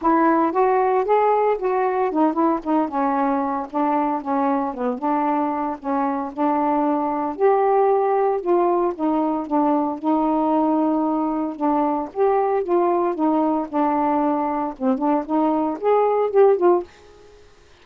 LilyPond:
\new Staff \with { instrumentName = "saxophone" } { \time 4/4 \tempo 4 = 114 e'4 fis'4 gis'4 fis'4 | dis'8 e'8 dis'8 cis'4. d'4 | cis'4 b8 d'4. cis'4 | d'2 g'2 |
f'4 dis'4 d'4 dis'4~ | dis'2 d'4 g'4 | f'4 dis'4 d'2 | c'8 d'8 dis'4 gis'4 g'8 f'8 | }